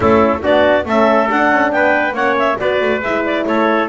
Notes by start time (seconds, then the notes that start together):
0.00 A3 C#4 E4 A4
0.42 B3 D4 F#4 D5
0.85 A3 C#4 A4 E5
1.28 D4 F#5
1.51 C#4
1.71 B3 B4 G5
2.13 A#3 C#4 C#5 F#5
2.38 E5
2.57 B3 F#4 B4 D5
2.81 A3
3.01 G#3 E4 E5
3.25 D5
3.46 A3 A4 C#5